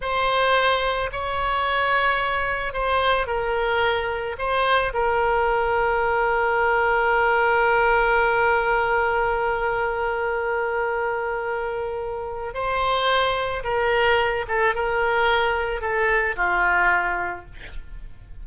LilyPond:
\new Staff \with { instrumentName = "oboe" } { \time 4/4 \tempo 4 = 110 c''2 cis''2~ | cis''4 c''4 ais'2 | c''4 ais'2.~ | ais'1~ |
ais'1~ | ais'2. c''4~ | c''4 ais'4. a'8 ais'4~ | ais'4 a'4 f'2 | }